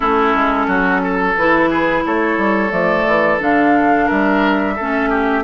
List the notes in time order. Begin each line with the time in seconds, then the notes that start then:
0.00 A3 C#4 E4 A4
0.34 G#3
0.67 F#3 F#4
1.03 A4
1.37 E3 E4 B4
1.69 G#4
2.05 A3 A4 C#5
2.37 G3
2.70 F3 A3 D5
3.06 E3
3.39 D3 D4 F5
4.06 G3 A#4 E5
4.75 A3 C#4 A4
5.09 G4